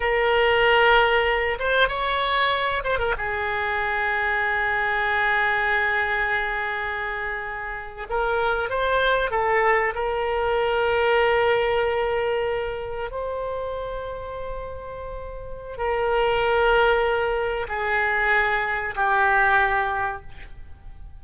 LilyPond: \new Staff \with { instrumentName = "oboe" } { \time 4/4 \tempo 4 = 95 ais'2~ ais'8 c''8 cis''4~ | cis''8 c''16 ais'16 gis'2.~ | gis'1~ | gis'8. ais'4 c''4 a'4 ais'16~ |
ais'1~ | ais'8. c''2.~ c''16~ | c''4 ais'2. | gis'2 g'2 | }